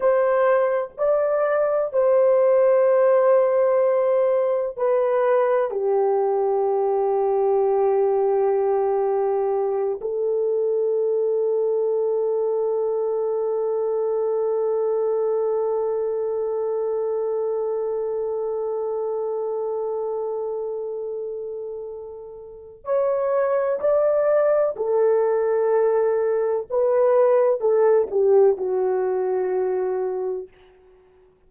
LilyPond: \new Staff \with { instrumentName = "horn" } { \time 4/4 \tempo 4 = 63 c''4 d''4 c''2~ | c''4 b'4 g'2~ | g'2~ g'8 a'4.~ | a'1~ |
a'1~ | a'1 | cis''4 d''4 a'2 | b'4 a'8 g'8 fis'2 | }